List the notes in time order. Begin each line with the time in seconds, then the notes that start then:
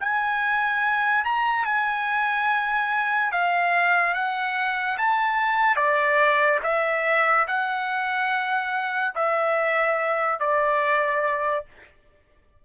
0.00 G#5
1.25 A#5
1.65 G#5
3.32 F5
4.14 F#5
4.98 A5
5.76 D5
6.63 E5
7.47 F#5
9.15 E5
10.40 D5